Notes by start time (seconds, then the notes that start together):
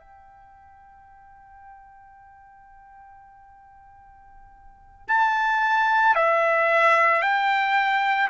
0.00 G5
5.08 A5
6.16 E5
7.22 G5